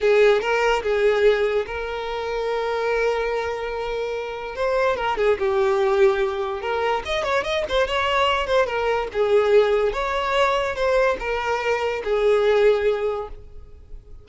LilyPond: \new Staff \with { instrumentName = "violin" } { \time 4/4 \tempo 4 = 145 gis'4 ais'4 gis'2 | ais'1~ | ais'2. c''4 | ais'8 gis'8 g'2. |
ais'4 dis''8 cis''8 dis''8 c''8 cis''4~ | cis''8 c''8 ais'4 gis'2 | cis''2 c''4 ais'4~ | ais'4 gis'2. | }